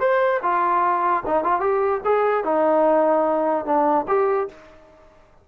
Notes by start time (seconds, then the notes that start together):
0.00 C5
0.43 F4
1.26 D#4
1.44 F4
1.61 G4
2.05 G#4
2.44 D#4
3.66 D4
4.08 G4